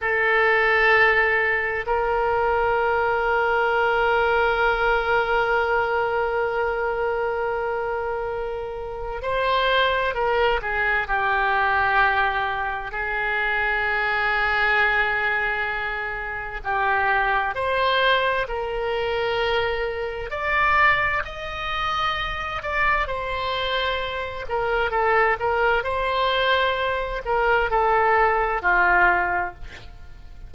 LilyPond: \new Staff \with { instrumentName = "oboe" } { \time 4/4 \tempo 4 = 65 a'2 ais'2~ | ais'1~ | ais'2 c''4 ais'8 gis'8 | g'2 gis'2~ |
gis'2 g'4 c''4 | ais'2 d''4 dis''4~ | dis''8 d''8 c''4. ais'8 a'8 ais'8 | c''4. ais'8 a'4 f'4 | }